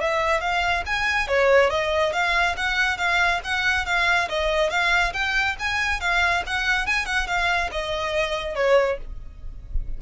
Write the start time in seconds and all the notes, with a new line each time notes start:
0.00 E5
0.40 F5
0.85 G#5
1.27 C#5
1.69 D#5
2.12 F5
2.57 F#5
2.97 F5
3.44 F#5
3.85 F5
4.29 D#5
4.70 F5
5.13 G5
5.59 G#5
6.00 F5
6.46 F#5
6.86 G#5
7.05 F#5
7.27 F5
7.71 D#5
8.55 C#5